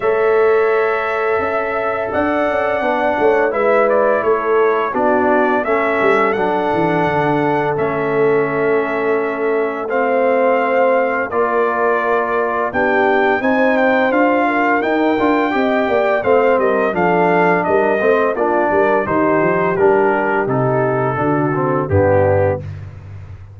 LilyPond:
<<
  \new Staff \with { instrumentName = "trumpet" } { \time 4/4 \tempo 4 = 85 e''2. fis''4~ | fis''4 e''8 d''8 cis''4 d''4 | e''4 fis''2 e''4~ | e''2 f''2 |
d''2 g''4 gis''8 g''8 | f''4 g''2 f''8 dis''8 | f''4 dis''4 d''4 c''4 | ais'4 a'2 g'4 | }
  \new Staff \with { instrumentName = "horn" } { \time 4/4 cis''2 e''4 d''4~ | d''8 cis''8 b'4 a'4 fis'4 | a'1~ | a'2 c''2 |
ais'2 g'4 c''4~ | c''8 ais'4. dis''8 d''8 c''8 ais'8 | a'4 ais'8 c''8 f'8 ais'8 g'4~ | g'2 fis'4 d'4 | }
  \new Staff \with { instrumentName = "trombone" } { \time 4/4 a'1 | d'4 e'2 d'4 | cis'4 d'2 cis'4~ | cis'2 c'2 |
f'2 d'4 dis'4 | f'4 dis'8 f'8 g'4 c'4 | d'4. c'8 d'4 dis'4 | d'4 dis'4 d'8 c'8 b4 | }
  \new Staff \with { instrumentName = "tuba" } { \time 4/4 a2 cis'4 d'8 cis'8 | b8 a8 gis4 a4 b4 | a8 g8 fis8 e8 d4 a4~ | a1 |
ais2 b4 c'4 | d'4 dis'8 d'8 c'8 ais8 a8 g8 | f4 g8 a8 ais8 g8 dis8 f8 | g4 c4 d4 g,4 | }
>>